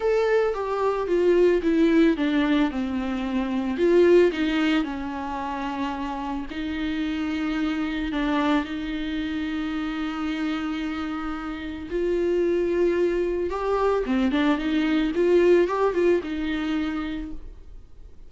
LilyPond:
\new Staff \with { instrumentName = "viola" } { \time 4/4 \tempo 4 = 111 a'4 g'4 f'4 e'4 | d'4 c'2 f'4 | dis'4 cis'2. | dis'2. d'4 |
dis'1~ | dis'2 f'2~ | f'4 g'4 c'8 d'8 dis'4 | f'4 g'8 f'8 dis'2 | }